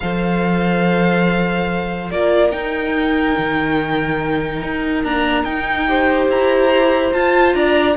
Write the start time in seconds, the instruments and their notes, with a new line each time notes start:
0.00 cello F3, viola A4, violin C5 F5
2.10 cello A#3, viola F4, violin A#4 D5
2.51 viola D#4, cello D#4, violin G5
3.38 cello D#3
4.62 cello D#4
5.04 viola A#3, cello D4, violin A#5
5.44 cello D#4, viola D#4, violin G5
5.87 viola G4, violin C5
6.28 cello E4, violin A#5
7.12 viola F4, cello F4, violin A5
7.54 cello D4, violin D5 A#5